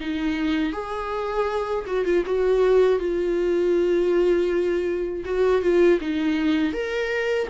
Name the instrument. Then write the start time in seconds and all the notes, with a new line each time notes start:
viola
0.00 D#4
0.72 G#4
1.86 F#4
2.05 F4
2.25 F#4
2.99 F4
5.25 F#4
5.61 F4
6.00 D#4
6.73 A#4